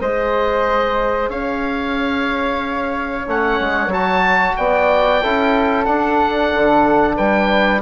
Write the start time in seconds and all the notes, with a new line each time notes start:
0.00 G#3 G#4 C5 D#5
1.29 C#4 C#5 F5
3.26 A3 C#4 F#5
3.60 G#3
3.87 F#3 F#4 A5
4.57 B3 D5 G5
5.23 C#4 E4 A4
5.85 D4 F#5
6.54 D3
7.16 G3 B4 G5